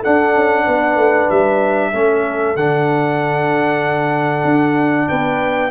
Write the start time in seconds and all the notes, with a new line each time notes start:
0.00 D4 A4 F#5
0.06 D4
0.35 C#4
0.65 B3 B4
0.96 A3
1.30 G3 E5
1.93 A3 C#4 A4
2.56 D3 D4 F#5
4.44 D4
5.08 B3 B4 G5